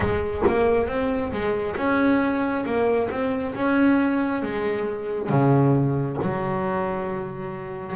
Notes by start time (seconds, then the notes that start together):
0.00 G#3
0.47 A#3
0.87 C4
1.32 G#3
1.76 C#4
2.65 A#3
3.10 C4
3.54 C#4
4.42 G#3
5.29 C#3
6.22 F#3